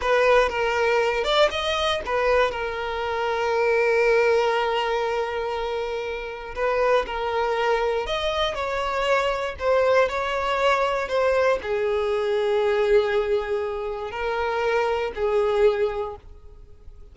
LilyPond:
\new Staff \with { instrumentName = "violin" } { \time 4/4 \tempo 4 = 119 b'4 ais'4. d''8 dis''4 | b'4 ais'2.~ | ais'1~ | ais'4 b'4 ais'2 |
dis''4 cis''2 c''4 | cis''2 c''4 gis'4~ | gis'1 | ais'2 gis'2 | }